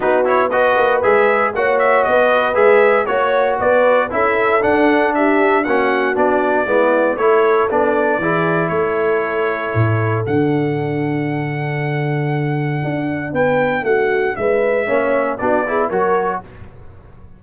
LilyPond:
<<
  \new Staff \with { instrumentName = "trumpet" } { \time 4/4 \tempo 4 = 117 b'8 cis''8 dis''4 e''4 fis''8 e''8 | dis''4 e''4 cis''4 d''4 | e''4 fis''4 e''4 fis''4 | d''2 cis''4 d''4~ |
d''4 cis''2. | fis''1~ | fis''2 g''4 fis''4 | e''2 d''4 cis''4 | }
  \new Staff \with { instrumentName = "horn" } { \time 4/4 fis'4 b'2 cis''4 | b'2 cis''4 b'4 | a'2 g'4 fis'4~ | fis'4 e'4 a'2 |
gis'4 a'2.~ | a'1~ | a'2 b'4 fis'4 | b'4 cis''4 fis'8 gis'8 ais'4 | }
  \new Staff \with { instrumentName = "trombone" } { \time 4/4 dis'8 e'8 fis'4 gis'4 fis'4~ | fis'4 gis'4 fis'2 | e'4 d'2 cis'4 | d'4 b4 e'4 d'4 |
e'1 | d'1~ | d'1~ | d'4 cis'4 d'8 e'8 fis'4 | }
  \new Staff \with { instrumentName = "tuba" } { \time 4/4 b4. ais8 gis4 ais4 | b4 gis4 ais4 b4 | cis'4 d'2 ais4 | b4 gis4 a4 b4 |
e4 a2 a,4 | d1~ | d4 d'4 b4 a4 | gis4 ais4 b4 fis4 | }
>>